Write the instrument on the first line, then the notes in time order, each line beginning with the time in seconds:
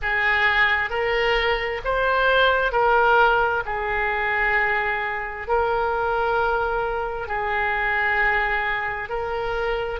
oboe
0.02 G#4
0.90 A#4
1.84 C5
2.72 A#4
3.65 G#4
5.47 A#4
7.27 G#4
9.09 A#4